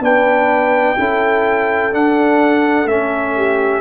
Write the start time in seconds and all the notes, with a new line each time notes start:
0.00 B3 D4 B4 G5
0.98 C#4 E4 A4
1.93 D4 F#5
2.86 A3 C#4 E5
3.37 G4